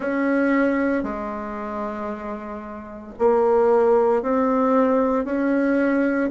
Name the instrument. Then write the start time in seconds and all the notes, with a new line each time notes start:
bassoon
0.00 C#4
1.02 G#3
3.19 A#3
4.22 C4
5.24 C#4